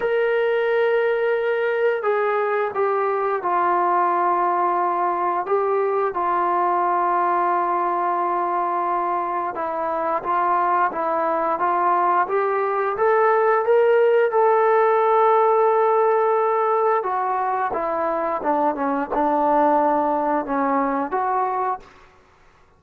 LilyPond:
\new Staff \with { instrumentName = "trombone" } { \time 4/4 \tempo 4 = 88 ais'2. gis'4 | g'4 f'2. | g'4 f'2.~ | f'2 e'4 f'4 |
e'4 f'4 g'4 a'4 | ais'4 a'2.~ | a'4 fis'4 e'4 d'8 cis'8 | d'2 cis'4 fis'4 | }